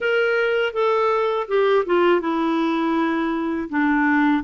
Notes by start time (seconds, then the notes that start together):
0.00 A#4
0.73 A4
1.47 G4
1.85 F4
2.20 E4
3.69 D4